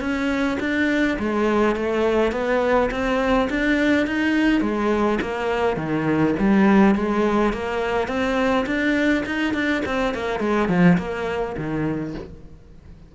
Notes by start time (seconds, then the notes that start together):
0.00 C#4
0.60 D4
1.19 G#3
1.76 A3
2.32 B3
2.91 C4
3.50 D4
4.06 D#4
4.61 G#3
5.21 A#3
5.77 D#3
6.39 G3
6.95 G#3
7.53 A#3
8.08 C4
8.66 D4
9.26 D#4
9.53 D4
9.85 C4
10.14 A#3
10.40 G#3
10.69 F3
10.98 A#3
11.57 D#3